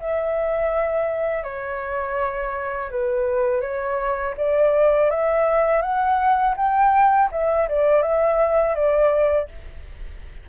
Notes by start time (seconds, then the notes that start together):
0.00 E5
1.43 C#5
2.90 B4
3.61 C#5
4.37 D5
5.10 E5
5.82 F#5
6.57 G5
7.31 E5
7.69 D5
8.02 E5
8.75 D5